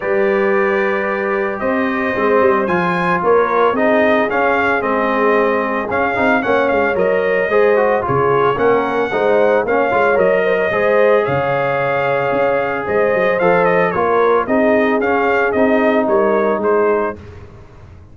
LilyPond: <<
  \new Staff \with { instrumentName = "trumpet" } { \time 4/4 \tempo 4 = 112 d''2. dis''4~ | dis''4 gis''4 cis''4 dis''4 | f''4 dis''2 f''4 | fis''8 f''8 dis''2 cis''4 |
fis''2 f''4 dis''4~ | dis''4 f''2. | dis''4 f''8 dis''8 cis''4 dis''4 | f''4 dis''4 cis''4 c''4 | }
  \new Staff \with { instrumentName = "horn" } { \time 4/4 b'2. c''4~ | c''2 ais'4 gis'4~ | gis'1 | cis''2 c''4 gis'4 |
ais'4 c''4 cis''4. c''16 cis''16 | c''4 cis''2. | c''2 ais'4 gis'4~ | gis'2 ais'4 gis'4 | }
  \new Staff \with { instrumentName = "trombone" } { \time 4/4 g'1 | c'4 f'2 dis'4 | cis'4 c'2 cis'8 dis'8 | cis'4 ais'4 gis'8 fis'8 f'4 |
cis'4 dis'4 cis'8 f'8 ais'4 | gis'1~ | gis'4 a'4 f'4 dis'4 | cis'4 dis'2. | }
  \new Staff \with { instrumentName = "tuba" } { \time 4/4 g2. c'4 | gis8 g8 f4 ais4 c'4 | cis'4 gis2 cis'8 c'8 | ais8 gis8 fis4 gis4 cis4 |
ais4 gis4 ais8 gis8 fis4 | gis4 cis2 cis'4 | gis8 fis8 f4 ais4 c'4 | cis'4 c'4 g4 gis4 | }
>>